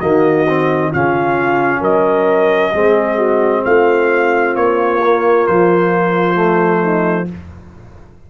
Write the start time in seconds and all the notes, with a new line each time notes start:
0.00 D#3 A#3 F#4 D#5
0.49 C4
0.92 C#3 C#4 F4 F5
1.81 F#3 A#4 D#5
2.73 G#3 C4 G#4
3.18 F#4
3.65 A3 F4 F5
4.56 A#3 C#5
5.04 A#3
5.47 F3 C5
6.35 A3
6.84 D#4